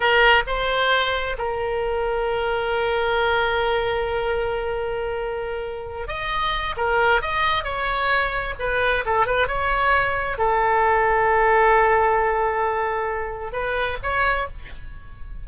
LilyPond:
\new Staff \with { instrumentName = "oboe" } { \time 4/4 \tempo 4 = 133 ais'4 c''2 ais'4~ | ais'1~ | ais'1~ | ais'4. dis''4. ais'4 |
dis''4 cis''2 b'4 | a'8 b'8 cis''2 a'4~ | a'1~ | a'2 b'4 cis''4 | }